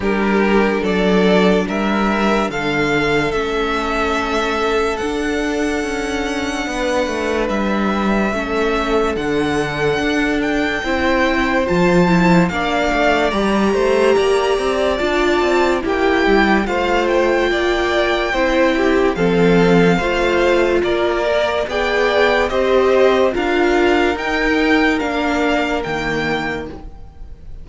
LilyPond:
<<
  \new Staff \with { instrumentName = "violin" } { \time 4/4 \tempo 4 = 72 ais'4 d''4 e''4 f''4 | e''2 fis''2~ | fis''4 e''2 fis''4~ | fis''8 g''4. a''4 f''4 |
ais''2 a''4 g''4 | f''8 g''2~ g''8 f''4~ | f''4 d''4 g''4 dis''4 | f''4 g''4 f''4 g''4 | }
  \new Staff \with { instrumentName = "violin" } { \time 4/4 g'4 a'4 ais'4 a'4~ | a'1 | b'2 a'2~ | a'4 c''2 d''4~ |
d''8 c''8 d''2 g'4 | c''4 d''4 c''8 g'8 a'4 | c''4 ais'4 d''4 c''4 | ais'1 | }
  \new Staff \with { instrumentName = "viola" } { \time 4/4 d'1 | cis'2 d'2~ | d'2 cis'4 d'4~ | d'4 e'4 f'8 e'8 d'4 |
g'2 f'4 e'4 | f'2 e'4 c'4 | f'4. ais'8 gis'4 g'4 | f'4 dis'4 d'4 ais4 | }
  \new Staff \with { instrumentName = "cello" } { \time 4/4 g4 fis4 g4 d4 | a2 d'4 cis'4 | b8 a8 g4 a4 d4 | d'4 c'4 f4 ais8 a8 |
g8 a8 ais8 c'8 d'8 c'8 ais8 g8 | a4 ais4 c'4 f4 | a4 ais4 b4 c'4 | d'4 dis'4 ais4 dis4 | }
>>